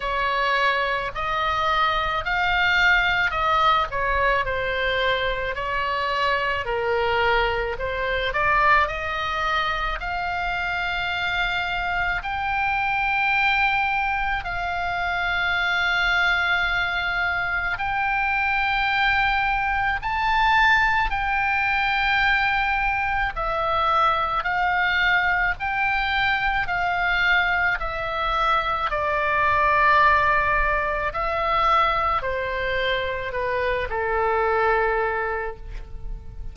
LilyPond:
\new Staff \with { instrumentName = "oboe" } { \time 4/4 \tempo 4 = 54 cis''4 dis''4 f''4 dis''8 cis''8 | c''4 cis''4 ais'4 c''8 d''8 | dis''4 f''2 g''4~ | g''4 f''2. |
g''2 a''4 g''4~ | g''4 e''4 f''4 g''4 | f''4 e''4 d''2 | e''4 c''4 b'8 a'4. | }